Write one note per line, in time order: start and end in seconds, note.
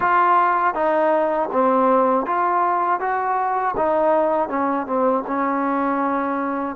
0.00 0.74 F4
0.74 1.49 D#4
1.52 2.25 C4
2.25 3.00 F4
3.00 3.75 F#4
3.77 4.48 D#4
4.48 4.86 C#4
4.86 5.24 C4
5.26 6.75 C#4